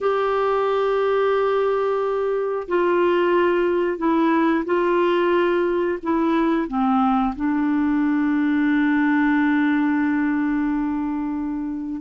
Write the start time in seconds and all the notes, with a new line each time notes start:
0.00 G4
2.68 F4
3.98 E4
4.65 F4
6.02 E4
6.67 C4
7.35 D4